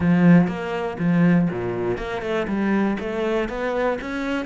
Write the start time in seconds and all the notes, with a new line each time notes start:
0.00 F3
0.47 A#3
0.98 F3
1.50 A#2
1.97 A#3
2.22 A3
2.47 G3
2.99 A3
3.48 B3
4.01 C#4